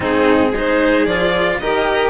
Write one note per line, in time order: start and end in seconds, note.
0.00 0.52 G#2
0.00 0.53 C4
0.00 0.50 D#4
0.00 0.55 G#4
0.50 1.06 G#3
0.50 1.08 D#4
0.50 1.56 G#4
0.58 1.05 C5
1.05 1.59 F3
1.05 1.61 F4
1.05 1.58 D5
1.59 2.10 D#3
1.59 2.10 G4
1.59 2.10 A#4
1.59 2.10 D#5